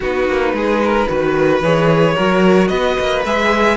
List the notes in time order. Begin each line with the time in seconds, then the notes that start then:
0.00 B3 D#4 F#4 B4
0.28 A#3
0.53 G#3 G#4
0.84 A#4
1.08 D#3 F#4 B4
1.61 E3 G#4 C#5
2.14 F#3 F#4 A#4
2.68 B3 B4 D#5
2.99 A#3
3.25 G#3 G#4 E5